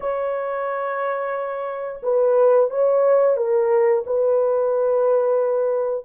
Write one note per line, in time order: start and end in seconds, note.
0.00 2.01 C#5
2.02 2.70 B4
2.70 3.36 C#5
3.36 4.04 A#4
4.06 6.05 B4